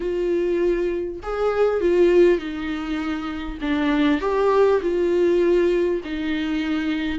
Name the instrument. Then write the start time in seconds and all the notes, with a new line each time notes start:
viola
0.00 F4
1.22 G#4
1.80 F4
2.38 D#4
3.61 D4
4.20 G4
4.81 F4
6.04 D#4